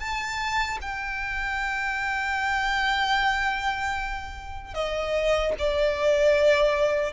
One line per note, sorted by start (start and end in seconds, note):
0.00 0.79 A5
0.82 4.75 G5
4.75 5.54 D#5
5.59 7.14 D5